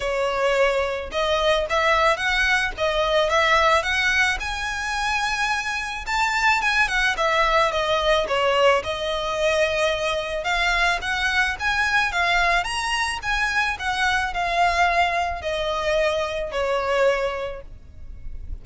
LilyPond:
\new Staff \with { instrumentName = "violin" } { \time 4/4 \tempo 4 = 109 cis''2 dis''4 e''4 | fis''4 dis''4 e''4 fis''4 | gis''2. a''4 | gis''8 fis''8 e''4 dis''4 cis''4 |
dis''2. f''4 | fis''4 gis''4 f''4 ais''4 | gis''4 fis''4 f''2 | dis''2 cis''2 | }